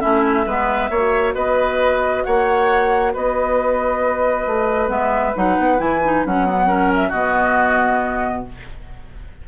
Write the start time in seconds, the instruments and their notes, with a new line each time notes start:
0.00 bassoon A3, clarinet C#4, oboe E4, flute E5
0.46 bassoon G#3, clarinet B3, oboe B4
0.90 bassoon A#3, clarinet F#4, oboe C#5
1.34 bassoon B3, oboe B4, flute D#5
2.24 bassoon A#3, oboe C#5, flute F#5
3.13 bassoon B3, oboe B4, flute D#5
4.47 bassoon A3
4.88 bassoon G#3, clarinet B3, flute E5
5.36 bassoon F#3, clarinet D#4, flute F#5
5.59 bassoon B3
5.78 bassoon E3, clarinet E4, flute G#5
6.04 clarinet D#4
6.26 bassoon F#3, clarinet C#4, flute F#5
6.46 clarinet B3
6.67 clarinet C#4, oboe A#4
6.95 flute E5
7.09 bassoon B2, clarinet B3, oboe F#4, flute D#5